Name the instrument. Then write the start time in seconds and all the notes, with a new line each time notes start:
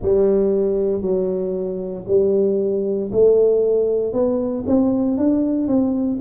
tuba
0.02 G3
1.01 F#3
2.07 G3
3.11 A3
4.12 B3
4.66 C4
5.17 D4
5.67 C4